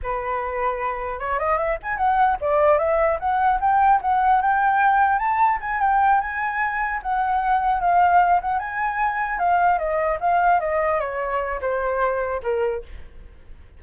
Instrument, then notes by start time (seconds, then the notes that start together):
flute
0.02 B4
1.19 C#5
1.39 D#5
1.58 E5
1.82 G#5
1.97 F#5
2.40 D5
2.78 E5
3.19 F#5
3.60 G5
4.01 F#5
4.41 G5
5.18 A5
5.60 G#5
5.81 G5
6.21 G#5
7.02 F#5
7.80 F5
8.41 F#5
8.58 G#5
9.39 F5
9.78 D#5
10.20 F5
10.59 D#5
11.00 C#5
11.61 C5
12.42 A#4